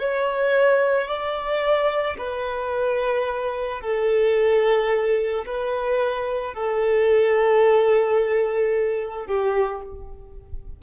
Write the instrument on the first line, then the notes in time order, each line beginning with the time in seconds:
violin
0.00 C#5
1.08 D5
2.19 B4
3.82 A4
5.46 B4
6.55 A4
9.27 G4